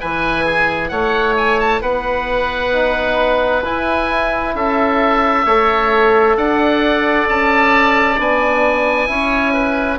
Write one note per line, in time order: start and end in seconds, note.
0.00 0.91 E3
0.00 2.73 E4
0.00 0.45 B4
0.00 0.89 G#5
0.45 0.91 G#4
0.89 1.82 A3
0.89 1.82 C#5
0.89 1.35 F#5
1.38 1.60 G#5
1.60 1.82 A5
1.82 3.64 B3
1.82 4.54 B4
1.82 3.64 F#5
2.73 3.64 D#4
3.65 5.47 E4
3.65 4.55 E4
3.65 4.56 G#5
4.55 5.46 C#4
4.55 5.46 A4
4.55 6.37 E5
5.46 6.37 A3
5.46 8.17 A4
5.46 6.37 C#5
6.37 7.28 D4
6.37 9.10 D5
6.37 7.28 F#5
7.28 8.19 C#4
7.28 8.20 A5
8.17 9.09 B3
8.17 9.07 D4
8.17 9.99 G#5
9.07 9.99 C#4
9.07 9.98 E4
9.07 9.54 C#5
9.54 9.99 B4